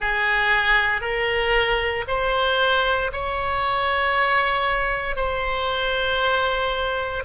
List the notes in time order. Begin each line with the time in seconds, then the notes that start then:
0.00 G#4
1.01 A#4
2.07 C5
3.12 C#5
5.16 C5